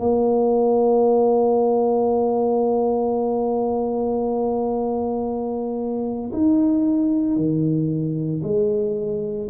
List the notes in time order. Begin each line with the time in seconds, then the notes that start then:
0.00 A#3
6.33 D#4
7.36 D#3
8.44 G#3